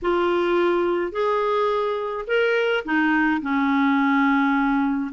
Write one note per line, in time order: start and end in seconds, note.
0.02 1.12 F4
1.12 2.25 G#4
2.27 2.84 A#4
2.84 3.41 D#4
3.41 5.11 C#4